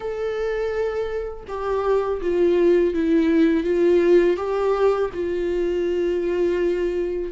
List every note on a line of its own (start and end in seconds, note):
0.00 1.43 A4
1.47 2.21 G4
2.21 2.93 F4
2.93 3.63 E4
3.63 4.36 F4
4.37 5.10 G4
5.13 7.32 F4